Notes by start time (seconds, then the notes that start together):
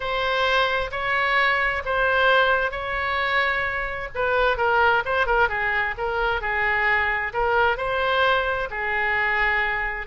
0.00 C5
0.91 C#5
1.85 C5
2.71 C#5
4.14 B4
4.57 A#4
5.05 C5
5.26 A#4
5.48 G#4
5.97 A#4
6.41 G#4
7.33 A#4
7.77 C5
8.70 G#4